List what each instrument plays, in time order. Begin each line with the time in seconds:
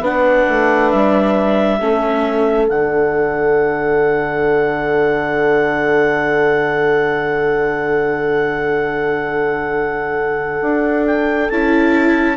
0.00 bassoon B3, viola D4, horn B4, clarinet F#5
0.48 bassoon A3
0.90 bassoon G3, clarinet E5
1.79 bassoon A3, viola C#4, horn A4
2.68 bassoon D3, viola D4, clarinet F#5
10.61 bassoon D4
11.06 clarinet G5
11.49 bassoon C#4, viola E4, clarinet A5